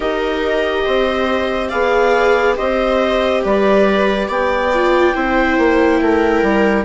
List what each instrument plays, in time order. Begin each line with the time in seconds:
0.00 bassoon D#4, viola G4 A#4, clarinet D#5
0.84 bassoon C4, viola C5
1.69 bassoon B3, viola G#4 D5, clarinet F5
2.56 bassoon C4, viola G4 C5, clarinet D#5
3.43 bassoon G3, viola B4, clarinet D5
4.27 bassoon B3, viola D5, clarinet G5
4.74 viola F4
5.14 bassoon C4, viola E4 C5
5.58 bassoon A#3
6.01 bassoon A3, viola A#4
6.42 bassoon G3